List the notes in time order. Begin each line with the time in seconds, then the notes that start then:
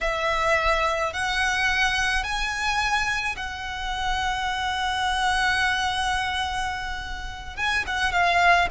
0.01 E5
1.13 F#5
2.23 G#5
3.36 F#5
7.56 G#5
7.86 F#5
8.12 F5